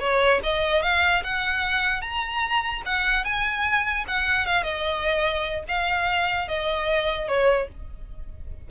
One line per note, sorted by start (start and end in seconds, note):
0.00 0.40 C#5
0.43 0.83 D#5
0.83 1.23 F5
1.24 2.02 F#5
2.02 2.82 A#5
2.86 3.24 F#5
3.24 4.05 G#5
4.08 4.46 F#5
4.46 4.63 F5
4.63 5.64 D#5
5.68 6.48 F5
6.48 7.28 D#5
7.28 7.68 C#5